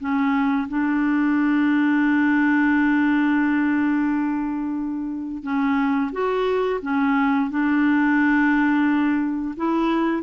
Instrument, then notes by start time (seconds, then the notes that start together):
clarinet
0.00 C#4
0.69 D4
5.43 C#4
6.12 F#4
6.82 C#4
7.51 D4
9.57 E4